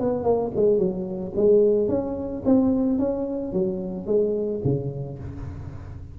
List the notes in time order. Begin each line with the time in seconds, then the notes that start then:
0.00 B3
0.23 A#3
0.56 G#3
0.78 F#3
1.36 G#3
1.88 C#4
2.45 C4
2.99 C#4
3.53 F#3
4.06 G#3
4.64 C#3